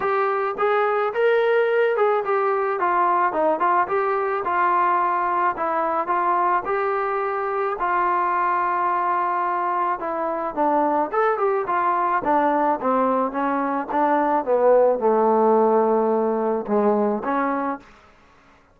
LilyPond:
\new Staff \with { instrumentName = "trombone" } { \time 4/4 \tempo 4 = 108 g'4 gis'4 ais'4. gis'8 | g'4 f'4 dis'8 f'8 g'4 | f'2 e'4 f'4 | g'2 f'2~ |
f'2 e'4 d'4 | a'8 g'8 f'4 d'4 c'4 | cis'4 d'4 b4 a4~ | a2 gis4 cis'4 | }